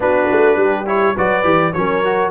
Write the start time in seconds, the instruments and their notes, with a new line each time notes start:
0.00 tuba B3, trombone D4, horn F#4, trumpet B4
0.31 tuba A3
0.56 tuba G3, horn G4
0.86 trombone E4, trumpet C#5
1.15 tuba F#3, trombone F#4, horn B4, trumpet D5
1.43 tuba E3, trombone G4
1.73 tuba F#3, trombone C#4, horn A#4, trumpet C#5
2.04 trombone F#4